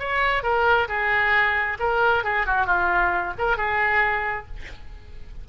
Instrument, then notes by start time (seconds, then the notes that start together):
oboe
0.00 C#5
0.43 A#4
0.89 G#4
1.80 A#4
2.24 G#4
2.46 F#4
2.66 F4
3.38 A#4
3.57 G#4